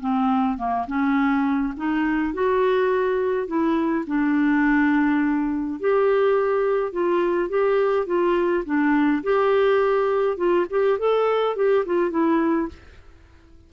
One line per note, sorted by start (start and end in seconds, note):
0.00 0.57 C4
0.57 0.86 A#3
0.87 1.74 C#4
1.76 2.33 D#4
2.33 3.47 F#4
3.47 4.05 E4
4.07 5.80 D4
5.80 6.92 G4
6.92 7.49 F4
7.49 8.06 G4
8.06 8.64 F4
8.65 9.23 D4
9.23 10.37 G4
10.37 10.65 F4
10.70 10.99 G4
10.99 11.56 A4
11.56 11.85 G4
11.85 12.10 F4
12.10 12.68 E4